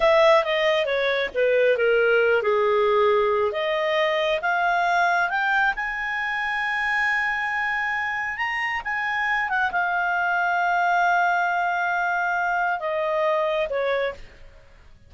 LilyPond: \new Staff \with { instrumentName = "clarinet" } { \time 4/4 \tempo 4 = 136 e''4 dis''4 cis''4 b'4 | ais'4. gis'2~ gis'8 | dis''2 f''2 | g''4 gis''2.~ |
gis''2. ais''4 | gis''4. fis''8 f''2~ | f''1~ | f''4 dis''2 cis''4 | }